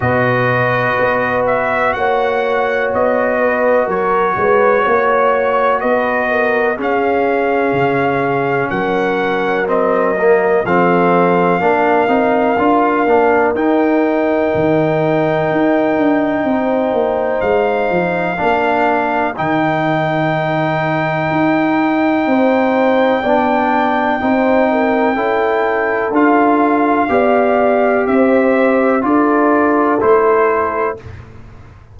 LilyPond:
<<
  \new Staff \with { instrumentName = "trumpet" } { \time 4/4 \tempo 4 = 62 dis''4. e''8 fis''4 dis''4 | cis''2 dis''4 f''4~ | f''4 fis''4 dis''4 f''4~ | f''2 g''2~ |
g''2 f''2 | g''1~ | g''2. f''4~ | f''4 e''4 d''4 c''4 | }
  \new Staff \with { instrumentName = "horn" } { \time 4/4 b'2 cis''4. b'8 | ais'8 b'8 cis''4 b'8 ais'8 gis'4~ | gis'4 ais'2 a'4 | ais'1~ |
ais'4 c''2 ais'4~ | ais'2. c''4 | d''4 c''8 ais'8 a'2 | d''4 c''4 a'2 | }
  \new Staff \with { instrumentName = "trombone" } { \time 4/4 fis'1~ | fis'2. cis'4~ | cis'2 c'8 ais8 c'4 | d'8 dis'8 f'8 d'8 dis'2~ |
dis'2. d'4 | dis'1 | d'4 dis'4 e'4 f'4 | g'2 f'4 e'4 | }
  \new Staff \with { instrumentName = "tuba" } { \time 4/4 b,4 b4 ais4 b4 | fis8 gis8 ais4 b4 cis'4 | cis4 fis2 f4 | ais8 c'8 d'8 ais8 dis'4 dis4 |
dis'8 d'8 c'8 ais8 gis8 f8 ais4 | dis2 dis'4 c'4 | b4 c'4 cis'4 d'4 | b4 c'4 d'4 a4 | }
>>